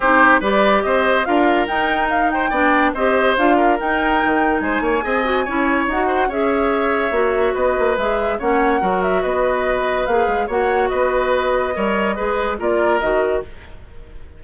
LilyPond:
<<
  \new Staff \with { instrumentName = "flute" } { \time 4/4 \tempo 4 = 143 c''4 d''4 dis''4 f''4 | g''4 f''8 g''4. dis''4 | f''4 g''2 gis''4~ | gis''2 fis''4 e''4~ |
e''2 dis''4 e''4 | fis''4. e''8 dis''2 | f''4 fis''4 dis''2~ | dis''2 d''4 dis''4 | }
  \new Staff \with { instrumentName = "oboe" } { \time 4/4 g'4 b'4 c''4 ais'4~ | ais'4. c''8 d''4 c''4~ | c''8 ais'2~ ais'8 c''8 cis''8 | dis''4 cis''4. c''8 cis''4~ |
cis''2 b'2 | cis''4 ais'4 b'2~ | b'4 cis''4 b'2 | cis''4 b'4 ais'2 | }
  \new Staff \with { instrumentName = "clarinet" } { \time 4/4 dis'4 g'2 f'4 | dis'2 d'4 g'4 | f'4 dis'2. | gis'8 fis'8 e'4 fis'4 gis'4~ |
gis'4 fis'2 gis'4 | cis'4 fis'2. | gis'4 fis'2. | ais'4 gis'4 f'4 fis'4 | }
  \new Staff \with { instrumentName = "bassoon" } { \time 4/4 c'4 g4 c'4 d'4 | dis'2 b4 c'4 | d'4 dis'4 dis4 gis8 ais8 | c'4 cis'4 dis'4 cis'4~ |
cis'4 ais4 b8 ais8 gis4 | ais4 fis4 b2 | ais8 gis8 ais4 b2 | g4 gis4 ais4 dis4 | }
>>